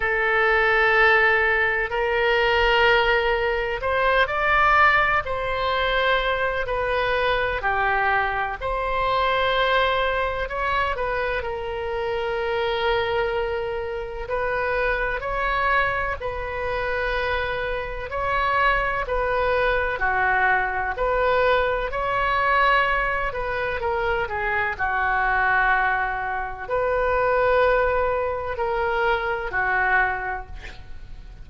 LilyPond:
\new Staff \with { instrumentName = "oboe" } { \time 4/4 \tempo 4 = 63 a'2 ais'2 | c''8 d''4 c''4. b'4 | g'4 c''2 cis''8 b'8 | ais'2. b'4 |
cis''4 b'2 cis''4 | b'4 fis'4 b'4 cis''4~ | cis''8 b'8 ais'8 gis'8 fis'2 | b'2 ais'4 fis'4 | }